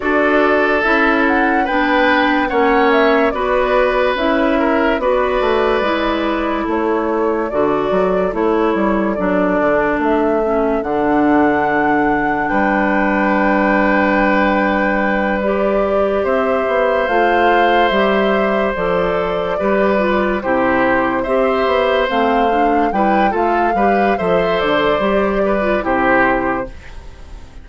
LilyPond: <<
  \new Staff \with { instrumentName = "flute" } { \time 4/4 \tempo 4 = 72 d''4 e''8 fis''8 g''4 fis''8 e''8 | d''4 e''4 d''2 | cis''4 d''4 cis''4 d''4 | e''4 fis''2 g''4~ |
g''2~ g''8 d''4 e''8~ | e''8 f''4 e''4 d''4.~ | d''8 c''4 e''4 f''4 g''8 | f''4 e''8 d''4. c''4 | }
  \new Staff \with { instrumentName = "oboe" } { \time 4/4 a'2 b'4 cis''4 | b'4. ais'8 b'2 | a'1~ | a'2. b'4~ |
b'2.~ b'8 c''8~ | c''2.~ c''8 b'8~ | b'8 g'4 c''2 b'8 | a'8 b'8 c''4. b'8 g'4 | }
  \new Staff \with { instrumentName = "clarinet" } { \time 4/4 fis'4 e'4 d'4 cis'4 | fis'4 e'4 fis'4 e'4~ | e'4 fis'4 e'4 d'4~ | d'8 cis'8 d'2.~ |
d'2~ d'8 g'4.~ | g'8 f'4 g'4 a'4 g'8 | f'8 e'4 g'4 c'8 d'8 e'8 | f'8 g'8 a'4 g'8. f'16 e'4 | }
  \new Staff \with { instrumentName = "bassoon" } { \time 4/4 d'4 cis'4 b4 ais4 | b4 cis'4 b8 a8 gis4 | a4 d8 fis8 a8 g8 fis8 d8 | a4 d2 g4~ |
g2.~ g8 c'8 | b8 a4 g4 f4 g8~ | g8 c4 c'8 b8 a4 g8 | a8 g8 f8 d8 g4 c4 | }
>>